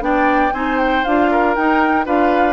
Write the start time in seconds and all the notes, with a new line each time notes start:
0.00 B3 D4 D5 G5
0.53 C4 D#4 C5 G#5
0.79 G5
1.04 D4 F4 F5
1.31 A#4
1.55 D#4 G5
2.06 D4 F4 B4 F5